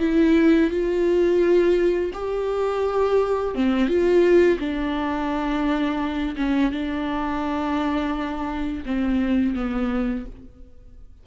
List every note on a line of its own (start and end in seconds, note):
0.00 0.71 E4
0.71 2.12 F4
2.14 3.55 G4
3.55 3.88 C4
3.88 4.59 F4
4.59 6.36 D4
6.37 6.72 C#4
6.72 8.84 D4
8.86 9.55 C4
9.55 10.26 B3